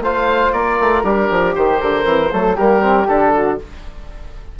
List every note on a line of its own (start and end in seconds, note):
0.00 0.51 A3
0.00 1.04 F4
0.00 0.54 C5
0.00 0.52 F5
0.52 0.78 A#3
0.52 1.04 A#4
0.52 1.03 D5
0.80 1.03 A3
1.03 1.28 G3
1.03 1.55 D4
1.03 2.04 G4
1.03 1.54 A#4
1.30 1.56 F3
1.55 1.82 D#3
1.55 1.81 G4
1.55 2.56 C5
1.81 2.05 D3
1.81 2.31 A#4
2.04 2.30 E3
2.04 2.30 C4
2.31 2.58 F#3
2.31 2.56 A3
2.31 2.56 A4
2.56 3.08 G3
2.56 2.81 A#3
2.56 3.32 G4
2.56 3.07 A#4
2.81 3.06 C4
3.07 3.59 D3
3.07 3.59 D4
3.07 3.58 A4
3.33 3.58 F#4